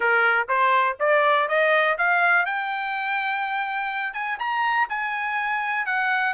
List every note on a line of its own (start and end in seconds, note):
0.00 0.47 A#4
0.48 0.97 C5
0.99 1.48 D5
1.48 1.97 D#5
1.98 2.45 F5
2.45 4.13 G5
4.13 4.38 G#5
4.39 4.88 A#5
4.89 5.86 G#5
5.86 6.33 F#5